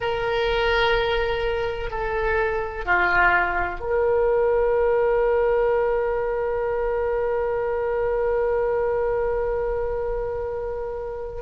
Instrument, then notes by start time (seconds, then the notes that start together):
oboe
0.00 A#4
1.90 A4
2.85 F4
3.80 A#4